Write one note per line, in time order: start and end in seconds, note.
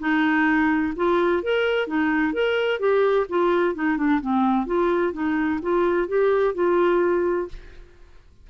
0.00 0.94 D#4
0.96 1.43 F4
1.43 1.87 A#4
1.87 2.33 D#4
2.33 2.80 A#4
2.80 3.27 G4
3.29 3.75 F4
3.75 3.97 D#4
3.97 4.21 D4
4.21 4.67 C4
4.67 5.13 F4
5.13 5.60 D#4
5.62 6.09 F4
6.09 6.55 G4
6.55 7.49 F4